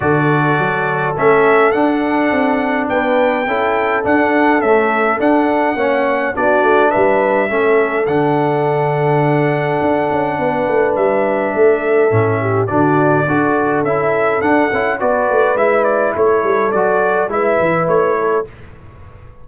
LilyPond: <<
  \new Staff \with { instrumentName = "trumpet" } { \time 4/4 \tempo 4 = 104 d''2 e''4 fis''4~ | fis''4 g''2 fis''4 | e''4 fis''2 d''4 | e''2 fis''2~ |
fis''2. e''4~ | e''2 d''2 | e''4 fis''4 d''4 e''8 d''8 | cis''4 d''4 e''4 cis''4 | }
  \new Staff \with { instrumentName = "horn" } { \time 4/4 a'1~ | a'4 b'4 a'2~ | a'2 cis''4 fis'4 | b'4 a'2.~ |
a'2 b'2 | a'4. g'8 fis'4 a'4~ | a'2 b'2 | a'2 b'4. a'8 | }
  \new Staff \with { instrumentName = "trombone" } { \time 4/4 fis'2 cis'4 d'4~ | d'2 e'4 d'4 | a4 d'4 cis'4 d'4~ | d'4 cis'4 d'2~ |
d'1~ | d'4 cis'4 d'4 fis'4 | e'4 d'8 e'8 fis'4 e'4~ | e'4 fis'4 e'2 | }
  \new Staff \with { instrumentName = "tuba" } { \time 4/4 d4 fis4 a4 d'4 | c'4 b4 cis'4 d'4 | cis'4 d'4 ais4 b8 a8 | g4 a4 d2~ |
d4 d'8 cis'8 b8 a8 g4 | a4 a,4 d4 d'4 | cis'4 d'8 cis'8 b8 a8 gis4 | a8 g8 fis4 gis8 e8 a4 | }
>>